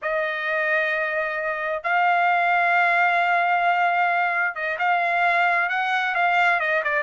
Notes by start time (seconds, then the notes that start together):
0.01 D#5
1.83 F5
4.55 D#5
4.79 F5
5.69 F#5
6.14 F5
6.60 D#5
6.83 D5